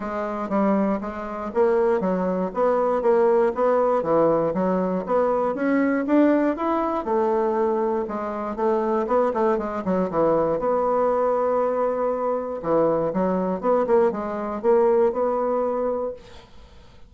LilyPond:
\new Staff \with { instrumentName = "bassoon" } { \time 4/4 \tempo 4 = 119 gis4 g4 gis4 ais4 | fis4 b4 ais4 b4 | e4 fis4 b4 cis'4 | d'4 e'4 a2 |
gis4 a4 b8 a8 gis8 fis8 | e4 b2.~ | b4 e4 fis4 b8 ais8 | gis4 ais4 b2 | }